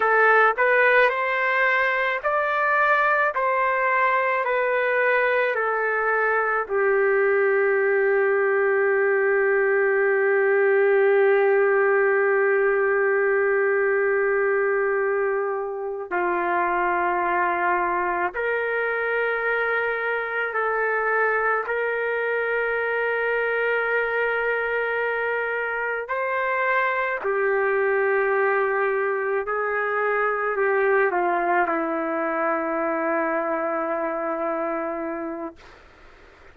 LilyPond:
\new Staff \with { instrumentName = "trumpet" } { \time 4/4 \tempo 4 = 54 a'8 b'8 c''4 d''4 c''4 | b'4 a'4 g'2~ | g'1~ | g'2~ g'8 f'4.~ |
f'8 ais'2 a'4 ais'8~ | ais'2.~ ais'8 c''8~ | c''8 g'2 gis'4 g'8 | f'8 e'2.~ e'8 | }